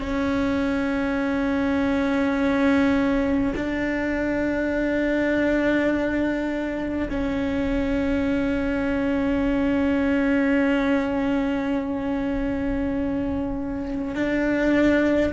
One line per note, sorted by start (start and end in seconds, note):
0.00 3.53 C#4
3.56 7.09 D4
7.10 14.14 C#4
14.14 15.32 D4